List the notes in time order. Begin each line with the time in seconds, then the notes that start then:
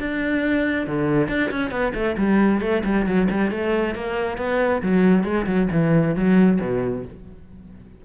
0.00 D4
0.87 D3
1.28 D4
1.51 C#4
1.71 B3
1.94 A3
2.17 G3
2.61 A3
2.85 G3
3.06 F#3
3.30 G3
3.51 A3
3.95 A#3
4.38 B3
4.82 F#3
5.24 G#3
5.46 F#3
5.72 E3
6.16 F#3
6.61 B2